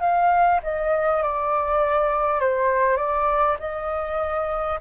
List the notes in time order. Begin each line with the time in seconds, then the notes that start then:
0.00 F5
0.63 D#5
1.23 D5
2.40 C5
2.97 D5
3.59 D#5